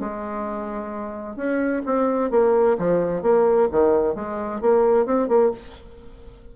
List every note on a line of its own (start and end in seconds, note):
0.00 1.37 G#3
1.37 1.83 C#4
1.86 2.31 C4
2.31 2.77 A#3
2.79 3.23 F3
3.23 3.69 A#3
3.72 4.15 D#3
4.15 4.61 G#3
4.61 5.06 A#3
5.06 5.28 C4
5.28 5.52 A#3